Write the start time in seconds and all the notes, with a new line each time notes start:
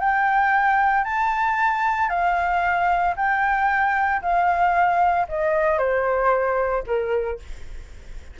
0.00 G5
1.05 A5
2.10 F5
3.17 G5
4.22 F5
5.29 D#5
5.78 C5
6.87 A#4